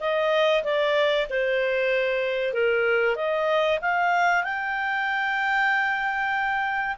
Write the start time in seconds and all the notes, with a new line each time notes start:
0.00 D#5
0.64 D5
1.29 C5
2.53 A#4
3.16 D#5
3.82 F5
4.44 G5